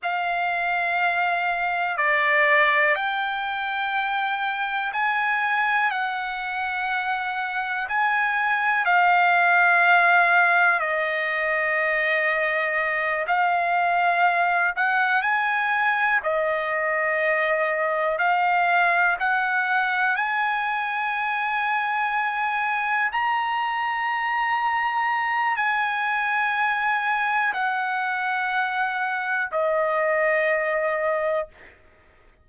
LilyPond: \new Staff \with { instrumentName = "trumpet" } { \time 4/4 \tempo 4 = 61 f''2 d''4 g''4~ | g''4 gis''4 fis''2 | gis''4 f''2 dis''4~ | dis''4. f''4. fis''8 gis''8~ |
gis''8 dis''2 f''4 fis''8~ | fis''8 gis''2. ais''8~ | ais''2 gis''2 | fis''2 dis''2 | }